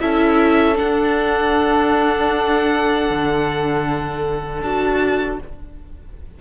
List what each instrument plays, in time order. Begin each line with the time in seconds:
0.00 cello C#4, viola E4, violin A4 E5
0.75 viola D4, cello D4, violin F#5
3.10 cello D3
4.61 cello D4, viola F#4, violin A5